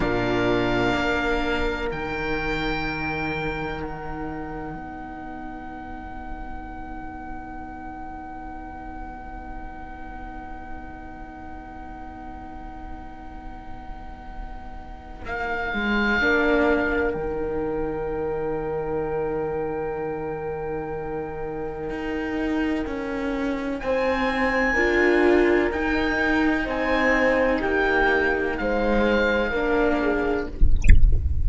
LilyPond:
<<
  \new Staff \with { instrumentName = "oboe" } { \time 4/4 \tempo 4 = 63 f''2 g''2 | fis''1~ | fis''1~ | fis''1 |
f''2 g''2~ | g''1~ | g''4 gis''2 g''4 | gis''4 g''4 f''2 | }
  \new Staff \with { instrumentName = "horn" } { \time 4/4 ais'1~ | ais'4 b'2.~ | b'1~ | b'1~ |
b'4 ais'2.~ | ais'1~ | ais'4 c''4 ais'2 | c''4 g'4 c''4 ais'8 gis'8 | }
  \new Staff \with { instrumentName = "viola" } { \time 4/4 d'2 dis'2~ | dis'1~ | dis'1~ | dis'1~ |
dis'4 d'4 dis'2~ | dis'1~ | dis'2 f'4 dis'4~ | dis'2. d'4 | }
  \new Staff \with { instrumentName = "cello" } { \time 4/4 ais,4 ais4 dis2~ | dis4 b2.~ | b1~ | b1 |
ais8 gis8 ais4 dis2~ | dis2. dis'4 | cis'4 c'4 d'4 dis'4 | c'4 ais4 gis4 ais4 | }
>>